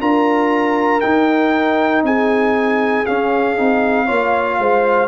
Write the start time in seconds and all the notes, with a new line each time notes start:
0.00 D4 F4 A#4 A#5
1.01 D#4 G5
2.03 C4 G#4 G#5
3.06 C#4 F5
3.57 C4 D#4
4.06 A#3 F4 C#5
4.59 G#3 C5